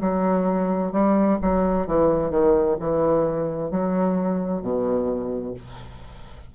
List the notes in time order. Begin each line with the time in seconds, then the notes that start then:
0.00 F#3
0.92 G3
1.41 F#3
1.87 E3
2.30 D#3
2.79 E3
3.70 F#3
4.61 B2